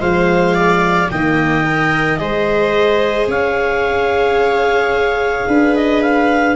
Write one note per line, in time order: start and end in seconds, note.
0.00 1.10 F3
0.00 1.09 G#3
0.00 0.55 C5
0.00 1.10 F5
0.55 1.09 D5
1.11 2.20 D#3
1.11 1.64 A#3
1.11 2.20 D#5
1.11 2.17 G5
1.64 2.18 A#4
2.17 3.27 G#3
2.17 6.54 G#4
2.17 3.29 C5
2.17 3.26 D#5
3.27 5.46 C#4
3.27 5.47 C#5
3.27 5.76 F5
5.47 6.56 D4
5.47 6.56 B4
5.76 6.02 D#5
6.02 6.56 F5